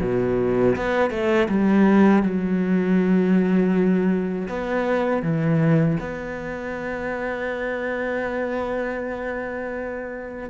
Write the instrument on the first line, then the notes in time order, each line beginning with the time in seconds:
cello
0.00 B2
0.76 B3
1.10 A3
1.48 G3
2.23 F#3
4.48 B3
5.22 E3
6.00 B3